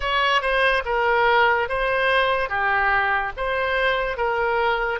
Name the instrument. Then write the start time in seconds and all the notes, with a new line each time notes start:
oboe
0.00 C#5
0.41 C5
0.85 A#4
1.68 C5
2.48 G4
3.36 C5
4.17 A#4